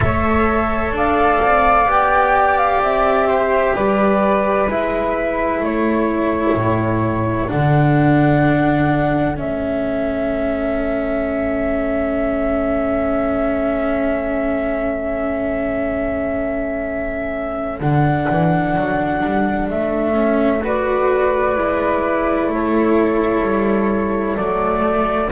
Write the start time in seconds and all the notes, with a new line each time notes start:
0.00 A3 A4 C#5 E5
0.91 D4 D5 F5
1.41 C4
1.85 B3 G4 G5
2.57 F5
2.79 C4 E5
3.27 C5
3.75 G3 B4 D5
4.68 G#3 E4 E5
5.60 A3 A4 C#5
6.54 A2
7.47 D3 D4 F#5
9.36 A3 C#4 E5
17.79 D3 D4 F#5
18.29 E3
18.76 F#3
19.23 G3
19.69 A3 E5
20.13 C#4
20.63 F#4 B4 D5
21.55 G#3 E4
22.47 A3 A4
22.53 C#5
23.41 G3
24.36 F#3 A3 D5